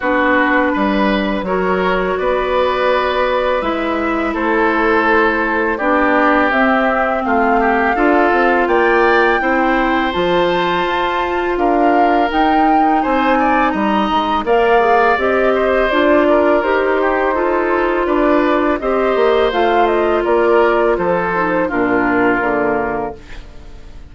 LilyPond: <<
  \new Staff \with { instrumentName = "flute" } { \time 4/4 \tempo 4 = 83 b'2 cis''4 d''4~ | d''4 e''4 c''2 | d''4 e''4 f''2 | g''2 a''2 |
f''4 g''4 gis''4 ais''4 | f''4 dis''4 d''4 c''4~ | c''4 d''4 dis''4 f''8 dis''8 | d''4 c''4 ais'2 | }
  \new Staff \with { instrumentName = "oboe" } { \time 4/4 fis'4 b'4 ais'4 b'4~ | b'2 a'2 | g'2 f'8 g'8 a'4 | d''4 c''2. |
ais'2 c''8 d''8 dis''4 | d''4. c''4 ais'4 g'8 | a'4 b'4 c''2 | ais'4 a'4 f'2 | }
  \new Staff \with { instrumentName = "clarinet" } { \time 4/4 d'2 fis'2~ | fis'4 e'2. | d'4 c'2 f'4~ | f'4 e'4 f'2~ |
f'4 dis'2. | ais'8 gis'8 g'4 f'4 g'4 | f'2 g'4 f'4~ | f'4. dis'8 d'4 ais4 | }
  \new Staff \with { instrumentName = "bassoon" } { \time 4/4 b4 g4 fis4 b4~ | b4 gis4 a2 | b4 c'4 a4 d'8 c'8 | ais4 c'4 f4 f'4 |
d'4 dis'4 c'4 g8 gis8 | ais4 c'4 d'4 dis'4~ | dis'4 d'4 c'8 ais8 a4 | ais4 f4 ais,4 d4 | }
>>